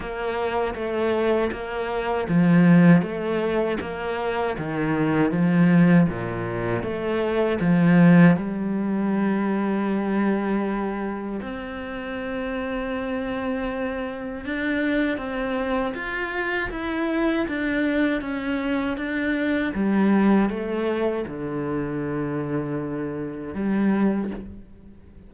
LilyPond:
\new Staff \with { instrumentName = "cello" } { \time 4/4 \tempo 4 = 79 ais4 a4 ais4 f4 | a4 ais4 dis4 f4 | ais,4 a4 f4 g4~ | g2. c'4~ |
c'2. d'4 | c'4 f'4 e'4 d'4 | cis'4 d'4 g4 a4 | d2. g4 | }